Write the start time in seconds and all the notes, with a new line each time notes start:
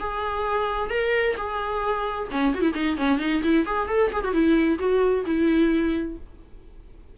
0.00 G#4
0.91 A#4
1.37 G#4
2.32 C#4
2.55 F#4
2.61 E4
2.75 D#4
2.98 C#4
3.19 D#4
3.44 E4
3.67 G#4
3.89 A4
4.13 G#4
4.25 F#4
4.33 E4
4.79 F#4
5.26 E4